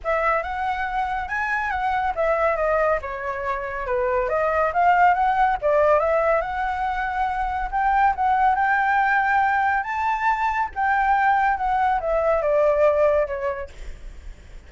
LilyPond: \new Staff \with { instrumentName = "flute" } { \time 4/4 \tempo 4 = 140 e''4 fis''2 gis''4 | fis''4 e''4 dis''4 cis''4~ | cis''4 b'4 dis''4 f''4 | fis''4 d''4 e''4 fis''4~ |
fis''2 g''4 fis''4 | g''2. a''4~ | a''4 g''2 fis''4 | e''4 d''2 cis''4 | }